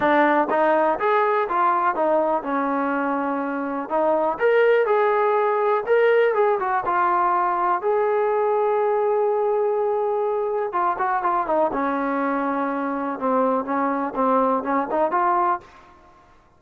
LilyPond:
\new Staff \with { instrumentName = "trombone" } { \time 4/4 \tempo 4 = 123 d'4 dis'4 gis'4 f'4 | dis'4 cis'2. | dis'4 ais'4 gis'2 | ais'4 gis'8 fis'8 f'2 |
gis'1~ | gis'2 f'8 fis'8 f'8 dis'8 | cis'2. c'4 | cis'4 c'4 cis'8 dis'8 f'4 | }